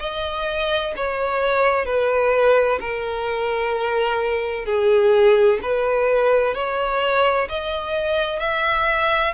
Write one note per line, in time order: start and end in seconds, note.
0.00 0.94 D#5
0.96 1.85 C#5
1.85 2.79 B4
2.80 4.66 A#4
4.66 5.60 G#4
5.62 6.55 B4
6.55 7.48 C#5
7.49 8.40 D#5
8.40 9.34 E5